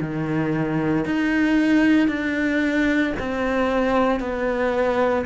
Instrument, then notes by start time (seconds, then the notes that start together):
cello
0.00 D#3
1.05 D#4
2.08 D4
3.19 C4
4.20 B3